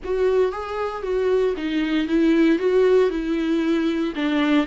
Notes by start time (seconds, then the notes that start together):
0.04 F#4
0.52 G#4
1.02 F#4
1.57 D#4
2.07 E4
2.59 F#4
3.10 E4
4.15 D4